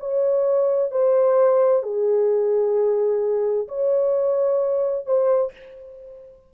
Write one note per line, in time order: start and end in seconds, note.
0.00 0.91 C#5
0.91 1.83 C5
1.83 3.68 G#4
3.68 5.06 C#5
5.06 5.53 C5